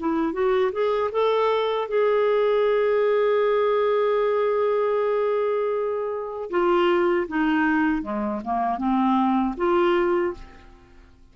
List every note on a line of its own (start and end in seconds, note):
0.00 0.33 E4
0.33 0.71 F#4
0.72 1.11 G#4
1.12 1.88 A4
1.88 6.50 G#4
6.50 7.27 F4
7.28 8.02 D#4
8.02 8.41 G#3
8.44 8.78 A#3
8.78 9.55 C4
9.57 10.34 F4